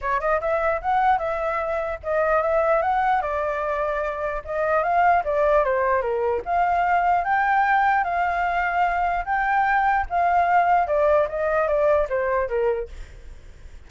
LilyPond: \new Staff \with { instrumentName = "flute" } { \time 4/4 \tempo 4 = 149 cis''8 dis''8 e''4 fis''4 e''4~ | e''4 dis''4 e''4 fis''4 | d''2. dis''4 | f''4 d''4 c''4 ais'4 |
f''2 g''2 | f''2. g''4~ | g''4 f''2 d''4 | dis''4 d''4 c''4 ais'4 | }